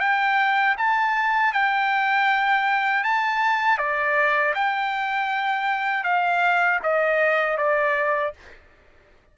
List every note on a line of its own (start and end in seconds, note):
0.00 0.76 G5
0.78 1.53 A5
1.53 3.04 G5
3.04 3.78 A5
3.78 4.54 D5
4.55 6.04 G5
6.04 6.80 F5
6.83 7.57 D#5
7.57 8.33 D5